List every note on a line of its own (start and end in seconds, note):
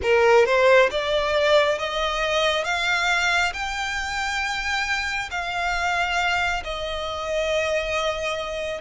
0.02 0.45 A#4
0.45 0.89 C5
0.90 1.78 D5
1.78 2.64 D#5
2.64 3.53 F5
3.53 5.29 G5
5.31 6.63 F5
6.64 8.81 D#5